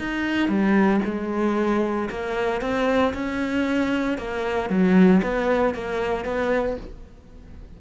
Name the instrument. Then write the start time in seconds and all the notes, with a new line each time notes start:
cello
0.00 D#4
0.49 G3
1.05 G#3
2.10 A#3
2.62 C4
3.14 C#4
4.19 A#3
4.70 F#3
5.23 B3
5.75 A#3
6.25 B3